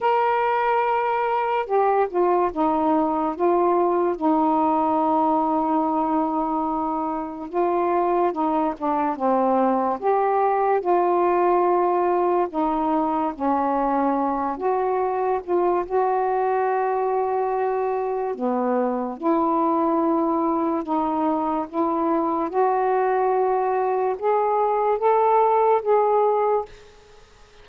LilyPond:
\new Staff \with { instrumentName = "saxophone" } { \time 4/4 \tempo 4 = 72 ais'2 g'8 f'8 dis'4 | f'4 dis'2.~ | dis'4 f'4 dis'8 d'8 c'4 | g'4 f'2 dis'4 |
cis'4. fis'4 f'8 fis'4~ | fis'2 b4 e'4~ | e'4 dis'4 e'4 fis'4~ | fis'4 gis'4 a'4 gis'4 | }